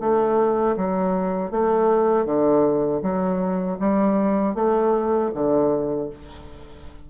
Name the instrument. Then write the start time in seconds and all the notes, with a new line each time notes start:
bassoon
0.00 A3
0.77 F#3
1.51 A3
2.25 D3
3.02 F#3
3.79 G3
4.55 A3
5.34 D3